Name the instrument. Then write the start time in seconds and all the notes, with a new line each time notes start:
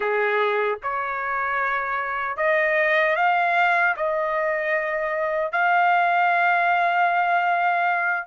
trumpet
0.00 G#4
0.83 C#5
2.36 D#5
3.16 F5
3.96 D#5
5.52 F5